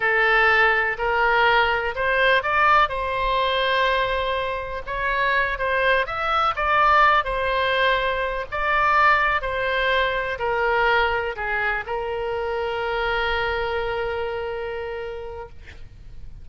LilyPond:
\new Staff \with { instrumentName = "oboe" } { \time 4/4 \tempo 4 = 124 a'2 ais'2 | c''4 d''4 c''2~ | c''2 cis''4. c''8~ | c''8 e''4 d''4. c''4~ |
c''4. d''2 c''8~ | c''4. ais'2 gis'8~ | gis'8 ais'2.~ ais'8~ | ais'1 | }